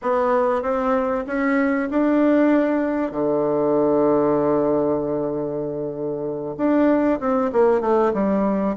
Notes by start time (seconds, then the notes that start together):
0.02 B3
0.62 C4
1.26 C#4
1.90 D4
3.11 D3
6.57 D4
7.19 C4
7.52 A#3
7.81 A3
8.13 G3